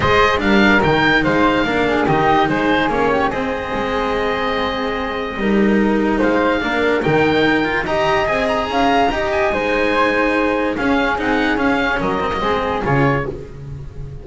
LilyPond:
<<
  \new Staff \with { instrumentName = "oboe" } { \time 4/4 \tempo 4 = 145 dis''4 f''4 g''4 f''4~ | f''4 dis''4 c''4 cis''4 | dis''1~ | dis''2. f''4~ |
f''4 g''2 ais''4 | gis''8 ais''2 gis''4.~ | gis''2 f''4 fis''4 | f''4 dis''2 cis''4 | }
  \new Staff \with { instrumentName = "flute" } { \time 4/4 c''4 ais'2 c''4 | ais'8 gis'8 g'4 gis'4. g'8 | gis'1~ | gis'4 ais'2 c''4 |
ais'2. dis''4~ | dis''4 f''4 dis''4 c''4~ | c''2 gis'2~ | gis'4 ais'4 gis'2 | }
  \new Staff \with { instrumentName = "cello" } { \time 4/4 gis'4 d'4 dis'2 | d'4 dis'2 cis'4 | c'1~ | c'4 dis'2. |
d'4 dis'4. f'8 g'4 | gis'2 g'4 dis'4~ | dis'2 cis'4 dis'4 | cis'4. c'16 ais16 c'4 f'4 | }
  \new Staff \with { instrumentName = "double bass" } { \time 4/4 gis4 g4 dis4 gis4 | ais4 dis4 gis4 ais4 | c'4 gis2.~ | gis4 g2 gis4 |
ais4 dis2 dis'4 | c'4 cis'4 dis'4 gis4~ | gis2 cis'4 c'4 | cis'4 fis4 gis4 cis4 | }
>>